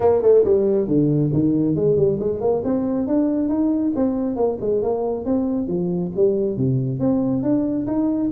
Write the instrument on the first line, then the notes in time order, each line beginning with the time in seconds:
tuba
0.00 A#3
0.21 A3
0.44 G3
0.87 D3
1.33 D#3
1.75 G#3
1.96 G3
2.19 G#3
2.40 A#3
2.64 C4
3.07 D4
3.48 D#4
3.95 C4
4.36 A#3
4.60 G#3
4.82 A#3
5.25 C4
5.67 F3
6.15 G3
6.56 C3
6.99 C4
7.42 D4
7.86 D#4